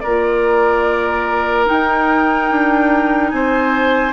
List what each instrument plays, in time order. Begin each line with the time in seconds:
0.00 bassoon A#3, clarinet F4, oboe A#4, flute D5
1.65 clarinet D#4, bassoon D#4, flute G5
2.50 bassoon D4
3.30 bassoon C4, oboe C5, flute G#5